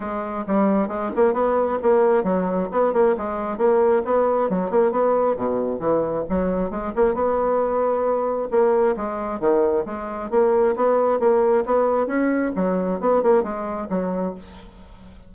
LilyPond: \new Staff \with { instrumentName = "bassoon" } { \time 4/4 \tempo 4 = 134 gis4 g4 gis8 ais8 b4 | ais4 fis4 b8 ais8 gis4 | ais4 b4 fis8 ais8 b4 | b,4 e4 fis4 gis8 ais8 |
b2. ais4 | gis4 dis4 gis4 ais4 | b4 ais4 b4 cis'4 | fis4 b8 ais8 gis4 fis4 | }